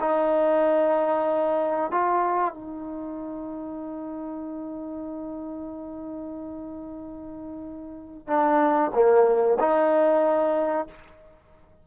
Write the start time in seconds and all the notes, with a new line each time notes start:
0.00 D#4
1.91 F4
2.54 D#4
8.27 D4
8.94 A#3
9.59 D#4